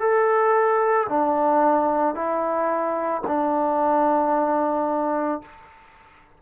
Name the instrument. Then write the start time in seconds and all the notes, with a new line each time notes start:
trombone
0.00 A4
1.09 D4
2.14 E4
3.27 D4